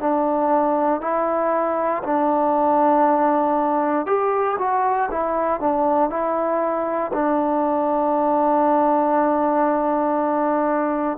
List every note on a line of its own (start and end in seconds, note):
0.00 1.01 D4
1.01 2.02 E4
2.03 4.06 D4
4.06 4.57 G4
4.59 5.09 F#4
5.11 5.60 E4
5.60 6.10 D4
6.10 7.11 E4
7.13 11.18 D4